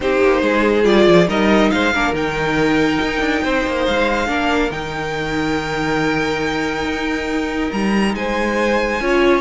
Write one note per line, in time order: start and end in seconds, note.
0.00 0.21 C4
0.00 0.83 D#4
0.00 0.42 G4
0.00 0.84 C5
0.21 0.41 A#3
0.41 0.84 G#3
0.41 1.27 G#4
0.83 1.06 G3
0.83 1.26 F4
0.83 1.27 D5
1.07 1.28 F3
1.28 1.71 G3
1.28 1.92 D#4
1.28 1.71 A#4
1.28 1.70 D#5
1.70 1.94 G#3
1.70 1.93 C5
1.70 2.13 F5
1.93 2.13 A#3
1.93 2.14 D4
1.93 3.42 A#4
2.13 2.98 D#3
2.13 4.27 D#4
2.13 3.85 G5
3.00 3.20 D#4
3.20 3.41 D4
3.42 3.66 C4
3.42 4.28 C5
3.66 3.87 A#3
3.85 4.28 G#3
3.85 4.71 F5
4.27 4.71 A#3
4.27 4.70 D4
4.27 8.14 A#4
4.71 6.84 D#3
4.71 9.00 D#4
4.71 7.71 G5
6.84 7.70 D#4
7.72 8.14 G3
7.72 8.14 A#5
8.14 9.00 G#3
8.14 9.01 C5
8.14 9.41 G#5
9.00 9.41 C#4
9.00 9.41 F4
9.00 9.41 C#5